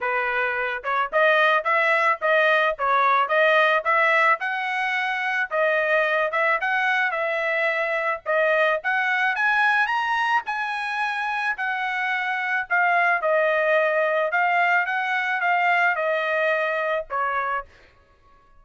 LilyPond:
\new Staff \with { instrumentName = "trumpet" } { \time 4/4 \tempo 4 = 109 b'4. cis''8 dis''4 e''4 | dis''4 cis''4 dis''4 e''4 | fis''2 dis''4. e''8 | fis''4 e''2 dis''4 |
fis''4 gis''4 ais''4 gis''4~ | gis''4 fis''2 f''4 | dis''2 f''4 fis''4 | f''4 dis''2 cis''4 | }